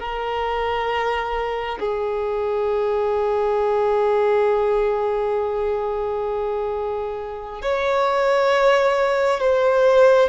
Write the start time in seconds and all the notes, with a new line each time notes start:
0.00 A#4
1.80 G#4
7.62 C#5
9.40 C5